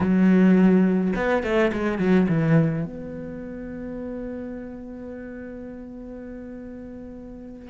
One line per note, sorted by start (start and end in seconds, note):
0.00 1.13 F#3
1.15 1.43 B3
1.43 1.71 A3
1.72 1.98 G#3
1.98 2.27 F#3
2.28 2.84 E3
2.84 7.70 B3